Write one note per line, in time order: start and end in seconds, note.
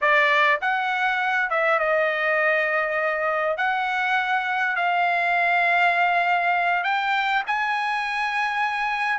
0.01 0.60 D5
0.61 1.50 F#5
1.50 1.79 E5
1.79 3.57 D#5
3.57 4.76 F#5
4.76 6.83 F5
6.83 7.43 G5
7.46 9.18 G#5